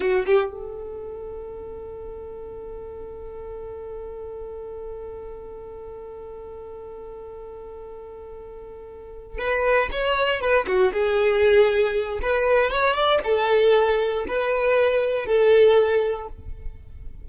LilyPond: \new Staff \with { instrumentName = "violin" } { \time 4/4 \tempo 4 = 118 fis'8 g'8 a'2.~ | a'1~ | a'1~ | a'1~ |
a'2~ a'8 b'4 cis''8~ | cis''8 b'8 fis'8 gis'2~ gis'8 | b'4 cis''8 d''8 a'2 | b'2 a'2 | }